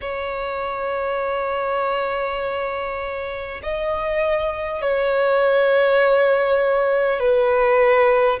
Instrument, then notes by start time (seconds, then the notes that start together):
violin
0.01 C#5
3.62 D#5
4.81 C#5
7.19 B4